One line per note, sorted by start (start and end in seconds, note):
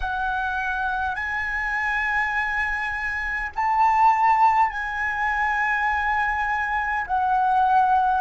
0.00 1.15 F#5
1.15 3.50 G#5
3.56 4.70 A5
4.70 7.05 G#5
7.06 8.21 F#5